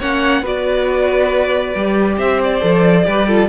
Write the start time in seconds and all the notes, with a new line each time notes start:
0.00 A#3 C#4 C#5 F#5
0.41 B3 F#4 B4 D5
1.76 G3 G4
2.17 C4 C5 E5
2.43 D5
2.61 F3 A4
3.05 G3 G4 B4
3.28 F4 A4